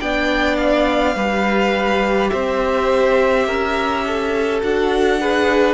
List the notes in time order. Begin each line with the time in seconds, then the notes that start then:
0.00 B3 D4 D5 G5
0.57 F5
1.16 G3 G4 B4
2.30 C4 C5 E5
3.47 C#4 A#4
4.07 A4
4.62 D4 F#4 F#5
5.20 G#4 B4